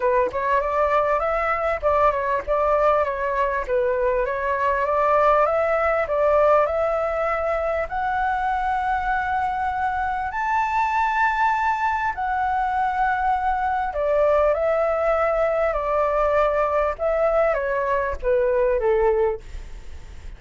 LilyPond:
\new Staff \with { instrumentName = "flute" } { \time 4/4 \tempo 4 = 99 b'8 cis''8 d''4 e''4 d''8 cis''8 | d''4 cis''4 b'4 cis''4 | d''4 e''4 d''4 e''4~ | e''4 fis''2.~ |
fis''4 a''2. | fis''2. d''4 | e''2 d''2 | e''4 cis''4 b'4 a'4 | }